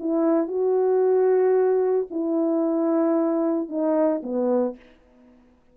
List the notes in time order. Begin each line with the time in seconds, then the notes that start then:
0.00 E4
0.48 F#4
2.11 E4
3.69 D#4
4.23 B3